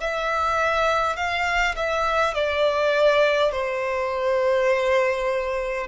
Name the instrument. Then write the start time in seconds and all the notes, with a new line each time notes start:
violin
0.00 E5
1.16 F5
1.75 E5
2.34 D5
3.52 C5